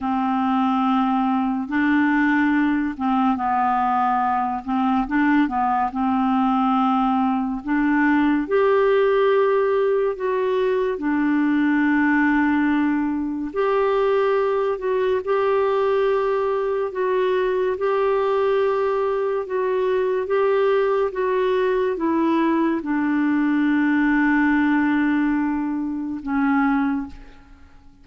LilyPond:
\new Staff \with { instrumentName = "clarinet" } { \time 4/4 \tempo 4 = 71 c'2 d'4. c'8 | b4. c'8 d'8 b8 c'4~ | c'4 d'4 g'2 | fis'4 d'2. |
g'4. fis'8 g'2 | fis'4 g'2 fis'4 | g'4 fis'4 e'4 d'4~ | d'2. cis'4 | }